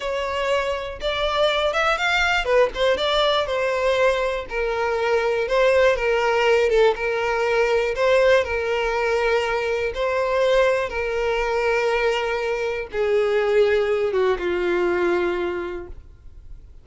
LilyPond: \new Staff \with { instrumentName = "violin" } { \time 4/4 \tempo 4 = 121 cis''2 d''4. e''8 | f''4 b'8 c''8 d''4 c''4~ | c''4 ais'2 c''4 | ais'4. a'8 ais'2 |
c''4 ais'2. | c''2 ais'2~ | ais'2 gis'2~ | gis'8 fis'8 f'2. | }